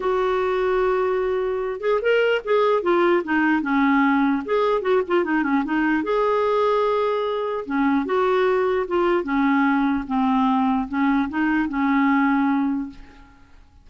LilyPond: \new Staff \with { instrumentName = "clarinet" } { \time 4/4 \tempo 4 = 149 fis'1~ | fis'8 gis'8 ais'4 gis'4 f'4 | dis'4 cis'2 gis'4 | fis'8 f'8 dis'8 cis'8 dis'4 gis'4~ |
gis'2. cis'4 | fis'2 f'4 cis'4~ | cis'4 c'2 cis'4 | dis'4 cis'2. | }